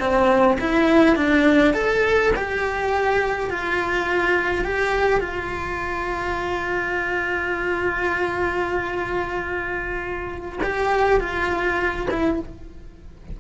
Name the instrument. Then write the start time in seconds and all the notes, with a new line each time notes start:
cello
0.00 C4
0.61 E4
1.16 D4
1.74 A4
2.36 G4
3.51 F4
4.65 G4
5.20 F4
10.63 G4
11.20 F4
12.11 E4